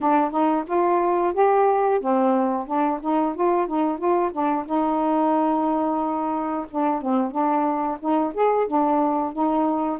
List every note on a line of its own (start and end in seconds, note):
0.00 0.31 D4
0.31 0.64 D#4
0.66 1.33 F4
1.33 2.00 G4
2.00 2.66 C4
2.66 3.00 D4
3.01 3.34 D#4
3.35 3.67 F4
3.67 3.98 D#4
3.98 4.31 F4
4.32 4.65 D4
4.65 6.65 D#4
6.70 7.01 D4
7.01 7.31 C4
7.31 7.98 D4
8.00 8.33 D#4
8.34 8.67 G#4
8.67 9.32 D4
9.32 9.99 D#4